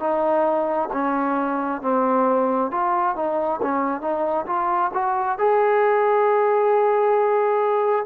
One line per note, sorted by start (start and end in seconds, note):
0.00 0.90 D#4
0.93 1.82 C#4
1.82 2.72 C4
2.72 3.16 F4
3.16 3.61 D#4
3.62 4.01 C#4
4.01 4.46 D#4
4.47 4.92 F4
4.94 5.39 F#4
5.39 8.06 G#4